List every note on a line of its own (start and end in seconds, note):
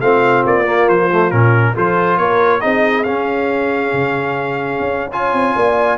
0.00 0.43 A3
0.00 0.65 C4
0.00 1.74 F4
0.00 0.44 F5
0.45 0.88 A#3
0.45 0.89 D5
0.65 1.09 A#3
0.88 1.31 F3
0.88 1.31 C5
1.12 1.31 A3
1.31 1.75 A#2
1.31 1.74 C#4
1.31 1.74 A#4
1.74 2.18 F3
1.74 2.60 F4
1.74 2.18 A4
1.74 2.17 C5
2.17 2.61 A#3
2.17 2.60 A#4
2.17 2.61 C#5
2.60 3.06 C4
2.60 3.04 D#4
2.60 5.10 G#4
2.60 3.03 D#5
3.03 5.11 C#4
3.03 3.93 C#4
3.03 5.10 F5
3.93 4.79 C#3
4.79 5.32 C#4
5.11 5.97 F4
5.11 5.54 C#5
5.11 5.97 G#5
5.32 5.54 C4
5.55 5.97 A#3
5.55 5.97 D5